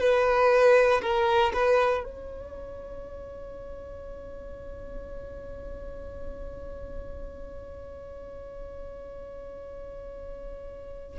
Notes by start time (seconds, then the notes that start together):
0.00 B4
1.02 A#4
1.54 B4
2.04 C#5